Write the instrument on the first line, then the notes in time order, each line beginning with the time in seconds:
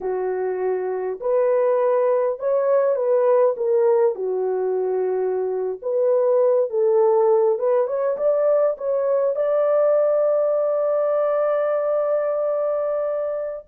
horn
0.01 F#4
1.20 B4
2.39 C#5
2.95 B4
3.56 A#4
4.15 F#4
5.82 B4
6.69 A4
7.59 B4
7.87 C#5
8.17 D5
8.77 C#5
9.35 D5